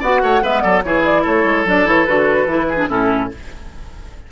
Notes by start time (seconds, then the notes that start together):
0.00 B3 F#4 D5 F#5
0.22 A3 C#5
0.42 G#3 B3 B4 E5
0.61 F#3 A4 D5
0.83 E3 E4 G#4 C#5
1.04 D5
1.22 A3 A4 C#5
1.44 G#3
1.65 F#3 D4 D5
1.85 E3 E4 C#5
2.05 D3 F#4 B4
2.46 E3 E4
2.69 G#4
2.77 D4
2.89 A2 C#4 E4 A4